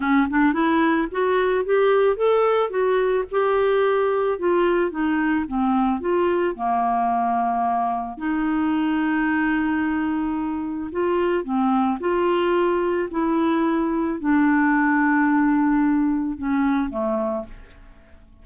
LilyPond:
\new Staff \with { instrumentName = "clarinet" } { \time 4/4 \tempo 4 = 110 cis'8 d'8 e'4 fis'4 g'4 | a'4 fis'4 g'2 | f'4 dis'4 c'4 f'4 | ais2. dis'4~ |
dis'1 | f'4 c'4 f'2 | e'2 d'2~ | d'2 cis'4 a4 | }